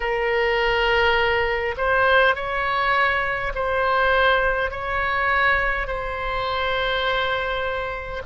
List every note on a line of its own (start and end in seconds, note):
0.00 1.75 A#4
1.76 2.35 C5
2.35 3.52 C#5
3.55 4.71 C5
4.71 5.87 C#5
5.87 8.22 C5